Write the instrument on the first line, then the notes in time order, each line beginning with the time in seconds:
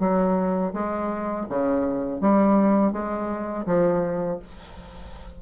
bassoon
0.00 F#3
0.74 G#3
1.50 C#3
2.21 G3
2.93 G#3
3.67 F3